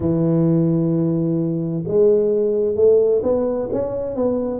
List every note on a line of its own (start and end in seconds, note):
0.00 1.83 E3
1.87 2.75 G#3
2.75 3.21 A3
3.23 3.69 B3
3.72 4.15 C#4
4.15 4.60 B3